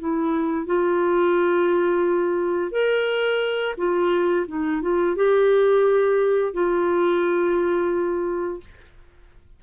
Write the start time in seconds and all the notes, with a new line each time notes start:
0.00 E4
0.67 F4
2.72 A#4
3.78 F4
4.48 D#4
4.82 F4
5.16 G4
6.54 F4